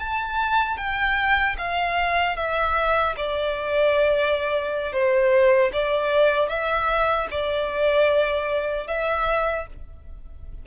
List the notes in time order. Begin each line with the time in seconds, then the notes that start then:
0.00 A5
0.78 G5
1.59 F5
2.37 E5
3.17 D5
4.93 C5
5.73 D5
6.49 E5
7.31 D5
8.88 E5